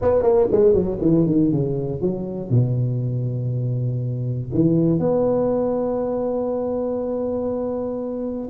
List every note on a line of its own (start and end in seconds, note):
0.01 0.22 B3
0.22 0.47 A#3
0.51 0.73 G#3
0.73 0.98 F#3
1.01 1.26 E3
1.26 1.51 D#3
1.51 2.01 C#3
2.01 2.50 F#3
2.50 4.50 B2
4.53 4.99 E3
4.99 8.49 B3